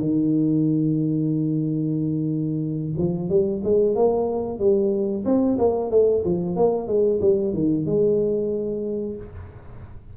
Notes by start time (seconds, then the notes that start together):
0.00 D#3
2.98 F3
3.30 G3
3.64 G#3
3.96 A#3
4.59 G3
5.25 C4
5.58 A#3
5.91 A3
6.25 F3
6.56 A#3
6.88 G#3
7.21 G3
7.54 D#3
7.86 G#3